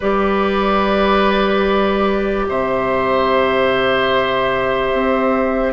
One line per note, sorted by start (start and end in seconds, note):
0.00 2.47 G3
0.00 5.73 G4
0.00 2.45 B4
0.00 2.47 D5
2.48 4.92 C3
2.48 5.73 C5
2.48 5.73 E5
4.92 5.73 C4